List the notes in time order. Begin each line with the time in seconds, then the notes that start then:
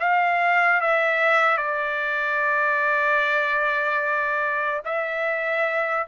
0.00 F5
0.81 E5
1.57 D5
4.85 E5